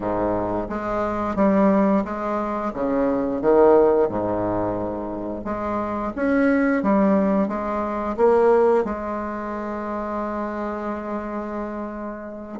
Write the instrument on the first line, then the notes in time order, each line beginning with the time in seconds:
bassoon
0.00 G#2
0.68 G#3
1.35 G3
2.04 G#3
2.73 C#3
3.41 D#3
4.08 G#2
5.44 G#3
6.15 C#4
6.82 G3
7.48 G#3
8.16 A#3
8.84 G#3